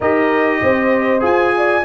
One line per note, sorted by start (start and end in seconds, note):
0.00 0.61 D#4
0.00 1.20 G4
0.00 0.60 A#4
0.00 1.23 D#5
0.62 1.22 C4
0.62 1.54 C5
1.20 1.83 F4
1.20 1.81 G#4
1.20 1.84 G#5
1.57 1.84 D5